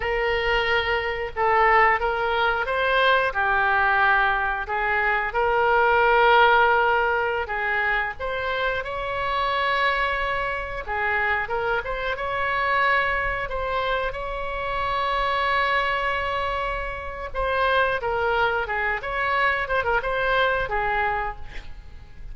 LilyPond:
\new Staff \with { instrumentName = "oboe" } { \time 4/4 \tempo 4 = 90 ais'2 a'4 ais'4 | c''4 g'2 gis'4 | ais'2.~ ais'16 gis'8.~ | gis'16 c''4 cis''2~ cis''8.~ |
cis''16 gis'4 ais'8 c''8 cis''4.~ cis''16~ | cis''16 c''4 cis''2~ cis''8.~ | cis''2 c''4 ais'4 | gis'8 cis''4 c''16 ais'16 c''4 gis'4 | }